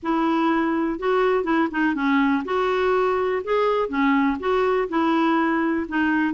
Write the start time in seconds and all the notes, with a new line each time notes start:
0.02 E4
0.99 F#4
1.44 E4
1.71 D#4
1.94 C#4
2.45 F#4
3.44 G#4
3.88 C#4
4.39 F#4
4.88 E4
5.88 D#4